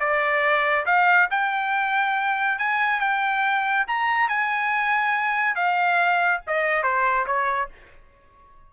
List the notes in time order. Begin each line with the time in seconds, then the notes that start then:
0.00 D5
0.86 F5
1.31 G5
2.59 G#5
3.00 G5
3.87 A#5
4.29 G#5
5.56 F5
6.47 D#5
6.83 C5
7.26 C#5